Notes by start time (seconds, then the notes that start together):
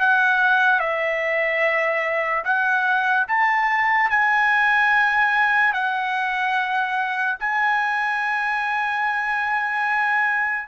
0.00 F#5
0.80 E5
2.44 F#5
3.28 A5
4.10 G#5
5.73 F#5
7.40 G#5